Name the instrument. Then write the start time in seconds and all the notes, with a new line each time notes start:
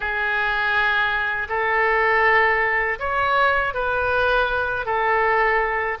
oboe
0.00 G#4
1.48 A4
2.99 C#5
3.74 B4
4.85 A4